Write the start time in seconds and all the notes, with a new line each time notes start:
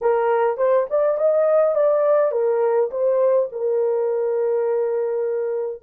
0.01 A#4
0.57 C5
0.89 D5
1.17 D#5
1.75 D5
2.31 A#4
2.90 C5
3.52 A#4